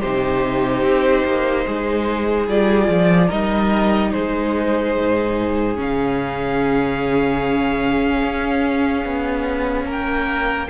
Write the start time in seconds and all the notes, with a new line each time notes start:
0.00 C3 D#4 G4 C5
0.82 C4
1.24 A#3
1.66 G#3 G#4
2.47 G3 F4 D5
2.87 F3
3.27 G3 D#4 A#4 D#5
4.12 G#3 G#4 C5
4.97 G#2
5.75 C#3 C#4
5.81 F5
8.23 C#4
9.04 B3
9.85 A#3 A#4 G5